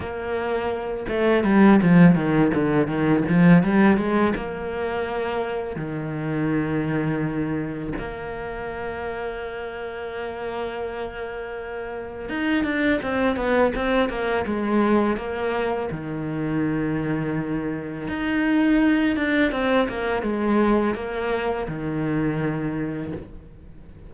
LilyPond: \new Staff \with { instrumentName = "cello" } { \time 4/4 \tempo 4 = 83 ais4. a8 g8 f8 dis8 d8 | dis8 f8 g8 gis8 ais2 | dis2. ais4~ | ais1~ |
ais4 dis'8 d'8 c'8 b8 c'8 ais8 | gis4 ais4 dis2~ | dis4 dis'4. d'8 c'8 ais8 | gis4 ais4 dis2 | }